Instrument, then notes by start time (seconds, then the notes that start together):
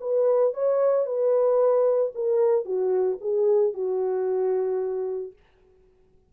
horn
0.00 B4
0.53 C#5
1.06 B4
2.15 A#4
2.65 F#4
3.21 G#4
3.73 F#4